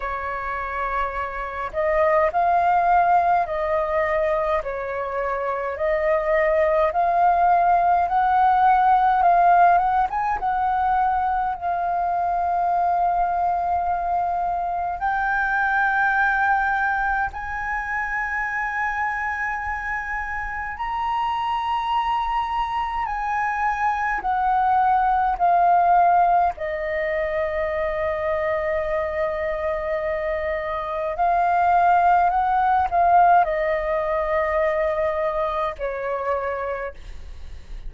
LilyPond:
\new Staff \with { instrumentName = "flute" } { \time 4/4 \tempo 4 = 52 cis''4. dis''8 f''4 dis''4 | cis''4 dis''4 f''4 fis''4 | f''8 fis''16 gis''16 fis''4 f''2~ | f''4 g''2 gis''4~ |
gis''2 ais''2 | gis''4 fis''4 f''4 dis''4~ | dis''2. f''4 | fis''8 f''8 dis''2 cis''4 | }